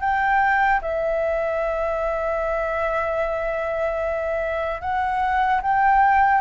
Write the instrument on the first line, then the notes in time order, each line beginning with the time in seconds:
flute
0.00 G5
0.81 E5
4.81 F#5
5.62 G5